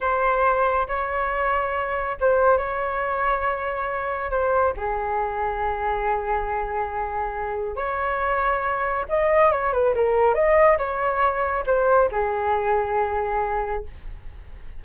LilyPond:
\new Staff \with { instrumentName = "flute" } { \time 4/4 \tempo 4 = 139 c''2 cis''2~ | cis''4 c''4 cis''2~ | cis''2 c''4 gis'4~ | gis'1~ |
gis'2 cis''2~ | cis''4 dis''4 cis''8 b'8 ais'4 | dis''4 cis''2 c''4 | gis'1 | }